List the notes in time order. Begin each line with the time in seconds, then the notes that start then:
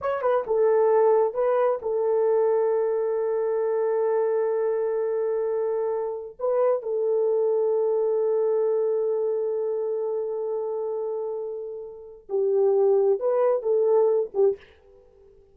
0.01 C#5
0.21 B4
0.46 A4
1.33 B4
1.82 A4
6.39 B4
6.82 A4
12.29 G4
13.19 B4
13.62 A4
14.34 G4